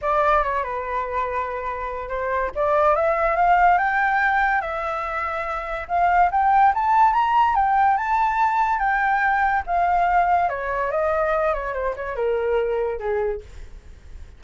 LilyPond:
\new Staff \with { instrumentName = "flute" } { \time 4/4 \tempo 4 = 143 d''4 cis''8 b'2~ b'8~ | b'4 c''4 d''4 e''4 | f''4 g''2 e''4~ | e''2 f''4 g''4 |
a''4 ais''4 g''4 a''4~ | a''4 g''2 f''4~ | f''4 cis''4 dis''4. cis''8 | c''8 cis''8 ais'2 gis'4 | }